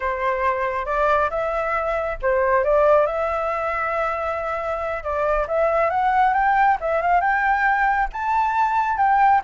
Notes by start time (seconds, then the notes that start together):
0.00 C5
0.85 D5
1.30 E5
2.22 C5
2.64 D5
3.06 E5
5.03 D5
5.47 E5
5.90 F#5
6.33 G5
6.80 E5
7.01 F5
7.20 G5
8.12 A5
8.97 G5